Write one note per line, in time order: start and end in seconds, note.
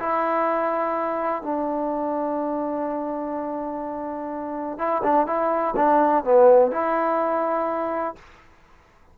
0.00 1.43 E4
1.43 4.78 D4
4.78 5.02 E4
5.04 5.27 D4
5.27 5.75 E4
5.76 6.24 D4
6.25 6.72 B3
6.72 8.16 E4